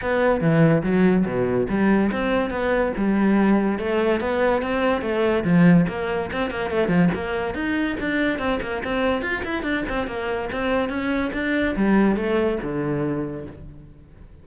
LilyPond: \new Staff \with { instrumentName = "cello" } { \time 4/4 \tempo 4 = 143 b4 e4 fis4 b,4 | g4 c'4 b4 g4~ | g4 a4 b4 c'4 | a4 f4 ais4 c'8 ais8 |
a8 f8 ais4 dis'4 d'4 | c'8 ais8 c'4 f'8 e'8 d'8 c'8 | ais4 c'4 cis'4 d'4 | g4 a4 d2 | }